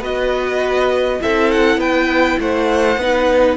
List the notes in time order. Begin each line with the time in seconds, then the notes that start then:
0.00 B3 F#4 B4 D#5
1.20 C4 E4 A4 E5
1.51 F#5
1.77 B3 B4 G5
2.39 A3 C5 F#5
2.97 B3 D#4 B4